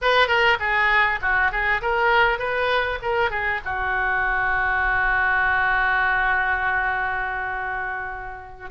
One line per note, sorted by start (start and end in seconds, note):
0.01 0.27 B4
0.27 0.57 A#4
0.59 1.19 G#4
1.21 1.51 F#4
1.51 1.81 G#4
1.81 2.38 A#4
2.38 2.98 B4
3.02 3.30 A#4
3.30 3.60 G#4
3.64 8.70 F#4